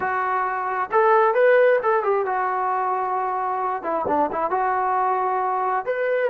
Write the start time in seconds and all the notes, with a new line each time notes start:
0.00 F#4
0.91 A4
1.34 B4
1.82 A4
2.03 G4
2.25 F#4
3.82 E4
4.07 D4
4.32 E4
4.50 F#4
5.85 B4